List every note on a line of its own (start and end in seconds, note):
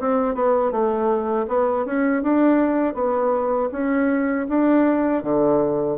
0.00 0.35 C4
0.35 0.72 B3
0.72 1.47 A3
1.48 1.85 B3
1.85 2.23 C#4
2.23 2.95 D4
2.95 3.70 B3
3.72 4.47 C#4
4.49 5.23 D4
5.23 5.98 D3